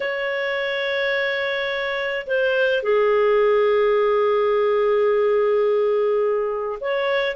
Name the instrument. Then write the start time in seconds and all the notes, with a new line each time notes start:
clarinet
0.00 C#5
2.26 C5
2.82 G#4
6.80 C#5